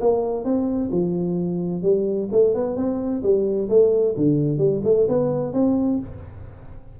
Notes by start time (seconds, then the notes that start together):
0.00 A#3
0.44 C4
0.91 F3
1.82 G3
2.31 A3
2.54 B3
2.76 C4
3.22 G3
3.69 A3
4.17 D3
4.58 G3
4.84 A3
5.08 B3
5.53 C4